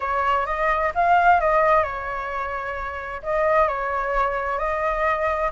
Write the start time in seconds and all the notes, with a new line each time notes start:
0.00 C#5
0.46 D#5
0.94 F5
1.40 D#5
1.83 C#5
3.22 D#5
3.68 C#5
4.58 D#5